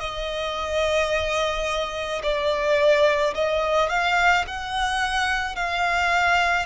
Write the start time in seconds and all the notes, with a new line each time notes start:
0.00 D#5
2.23 D5
3.34 D#5
3.89 F5
4.47 F#5
5.56 F5